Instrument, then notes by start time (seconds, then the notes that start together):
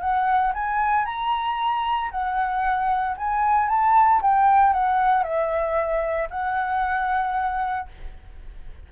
flute
0.00 F#5
0.54 G#5
1.05 A#5
2.11 F#5
3.17 G#5
3.68 A5
4.22 G5
4.73 F#5
5.23 E5
6.30 F#5